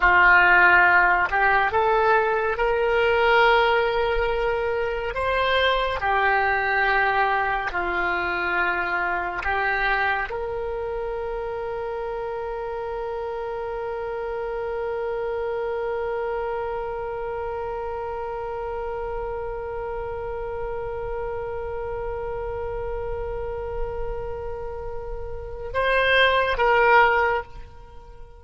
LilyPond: \new Staff \with { instrumentName = "oboe" } { \time 4/4 \tempo 4 = 70 f'4. g'8 a'4 ais'4~ | ais'2 c''4 g'4~ | g'4 f'2 g'4 | ais'1~ |
ais'1~ | ais'1~ | ais'1~ | ais'2 c''4 ais'4 | }